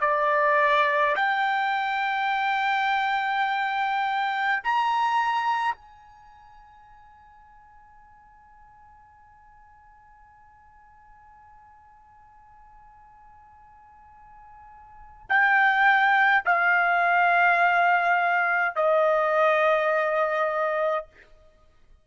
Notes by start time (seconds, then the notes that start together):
0.00 D5
1.16 G5
4.63 A#5
5.74 G#5
15.29 G5
16.45 F5
18.76 D#5